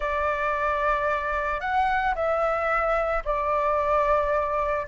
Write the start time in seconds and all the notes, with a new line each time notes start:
0.00 D5
1.60 F#5
2.15 E5
3.24 D5